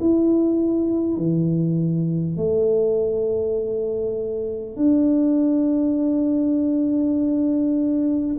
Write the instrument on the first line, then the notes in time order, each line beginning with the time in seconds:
tuba
0.00 E4
1.17 E3
2.37 A3
4.76 D4